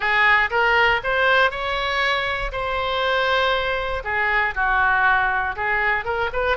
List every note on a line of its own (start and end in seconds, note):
0.00 0.50 G#4
0.50 1.00 A#4
1.03 1.50 C5
1.50 2.51 C#5
2.51 4.03 C5
4.03 4.54 G#4
4.54 5.55 F#4
5.56 6.05 G#4
6.05 6.30 A#4
6.32 6.57 B4